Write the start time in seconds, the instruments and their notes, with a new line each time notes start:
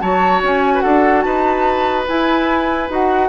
0.00 bassoon F#3, clarinet F#4, oboe C#5, flute A5
0.42 bassoon C#4, flute G#5
0.73 oboe B4
0.80 bassoon D4, oboe A4, flute F#5
1.21 bassoon D#4, oboe B4, flute A5
2.07 clarinet E4, bassoon E4, flute G#5
2.89 bassoon D#4, clarinet F#4, flute F#5